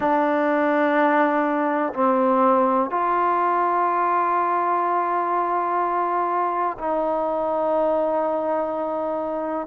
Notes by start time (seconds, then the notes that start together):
0.00 D4
1.93 C4
2.90 F4
6.78 D#4